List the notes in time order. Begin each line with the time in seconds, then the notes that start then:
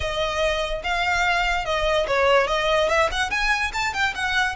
0.00 D#5
0.83 F5
1.65 D#5
2.07 C#5
2.47 D#5
2.89 E5
3.11 F#5
3.30 G#5
3.73 A5
3.93 G5
4.14 F#5